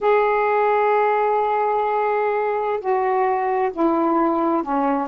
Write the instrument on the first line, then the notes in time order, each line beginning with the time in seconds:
saxophone
0.01 G#4
2.80 F#4
3.73 E4
4.62 C#4